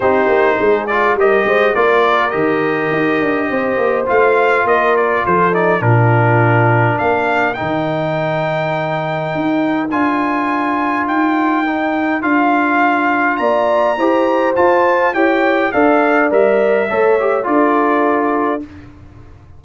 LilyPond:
<<
  \new Staff \with { instrumentName = "trumpet" } { \time 4/4 \tempo 4 = 103 c''4. d''8 dis''4 d''4 | dis''2. f''4 | dis''8 d''8 c''8 d''8 ais'2 | f''4 g''2.~ |
g''4 gis''2 g''4~ | g''4 f''2 ais''4~ | ais''4 a''4 g''4 f''4 | e''2 d''2 | }
  \new Staff \with { instrumentName = "horn" } { \time 4/4 g'4 gis'4 ais'8 c''8 ais'4~ | ais'2 c''2 | ais'4 a'4 f'2 | ais'1~ |
ais'1~ | ais'2. d''4 | c''2 cis''4 d''4~ | d''4 cis''4 a'2 | }
  \new Staff \with { instrumentName = "trombone" } { \time 4/4 dis'4. f'8 g'4 f'4 | g'2. f'4~ | f'4. dis'8 d'2~ | d'4 dis'2.~ |
dis'4 f'2. | dis'4 f'2. | g'4 f'4 g'4 a'4 | ais'4 a'8 g'8 f'2 | }
  \new Staff \with { instrumentName = "tuba" } { \time 4/4 c'8 ais8 gis4 g8 gis8 ais4 | dis4 dis'8 d'8 c'8 ais8 a4 | ais4 f4 ais,2 | ais4 dis2. |
dis'4 d'2 dis'4~ | dis'4 d'2 ais4 | e'4 f'4 e'4 d'4 | g4 a4 d'2 | }
>>